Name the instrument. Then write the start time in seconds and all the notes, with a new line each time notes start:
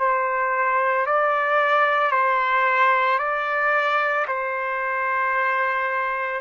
trumpet
0.00 C5
1.07 D5
2.12 C5
3.19 D5
4.28 C5